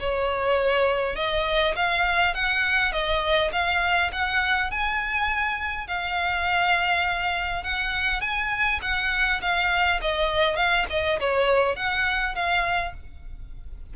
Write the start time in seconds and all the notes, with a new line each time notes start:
0.00 C#5
1.16 D#5
1.76 F5
2.34 F#5
2.93 D#5
3.52 F5
4.12 F#5
4.71 G#5
5.88 F5
7.64 F#5
8.21 G#5
8.82 F#5
9.42 F5
10.02 D#5
10.57 F5
10.90 D#5
11.20 C#5
11.76 F#5
12.35 F5